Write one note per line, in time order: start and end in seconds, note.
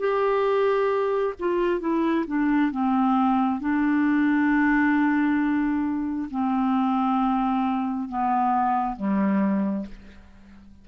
0.00 1.34 G4
1.40 1.81 F4
1.81 2.26 E4
2.28 2.72 D4
2.72 3.61 C4
3.61 6.29 D4
6.31 8.09 C4
8.09 8.97 B3
8.97 9.86 G3